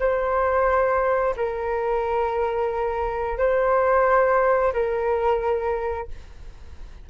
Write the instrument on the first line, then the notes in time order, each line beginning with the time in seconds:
flute
0.00 C5
1.37 A#4
3.39 C5
4.73 A#4